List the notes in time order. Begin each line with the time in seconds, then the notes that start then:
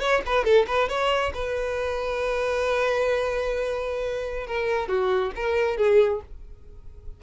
0.00 C#5
0.26 B4
0.44 A4
0.67 B4
0.89 C#5
1.34 B4
4.47 A#4
4.88 F#4
5.36 A#4
5.77 G#4